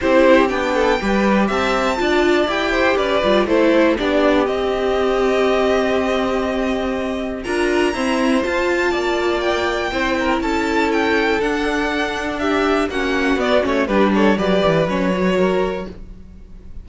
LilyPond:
<<
  \new Staff \with { instrumentName = "violin" } { \time 4/4 \tempo 4 = 121 c''4 g''2 a''4~ | a''4 g''4 d''4 c''4 | d''4 dis''2.~ | dis''2. ais''4~ |
ais''4 a''2 g''4~ | g''4 a''4 g''4 fis''4~ | fis''4 e''4 fis''4 d''8 cis''8 | b'8 cis''8 d''4 cis''2 | }
  \new Staff \with { instrumentName = "violin" } { \time 4/4 g'4. a'8 b'4 e''4 | d''4. c''8 b'4 a'4 | g'1~ | g'2. ais'4 |
c''2 d''2 | c''8 ais'8 a'2.~ | a'4 g'4 fis'2 | g'8 a'8 b'2 ais'4 | }
  \new Staff \with { instrumentName = "viola" } { \time 4/4 e'4 d'4 g'2 | f'4 g'4. f'8 e'4 | d'4 c'2.~ | c'2. f'4 |
c'4 f'2. | e'2. d'4~ | d'2 cis'4 b8 cis'8 | d'4 g'4 cis'8 fis'4. | }
  \new Staff \with { instrumentName = "cello" } { \time 4/4 c'4 b4 g4 c'4 | d'4 e'4 cis'8 g8 a4 | b4 c'2.~ | c'2. d'4 |
e'4 f'4 ais2 | c'4 cis'2 d'4~ | d'2 ais4 b8 a8 | g4 fis8 e8 fis2 | }
>>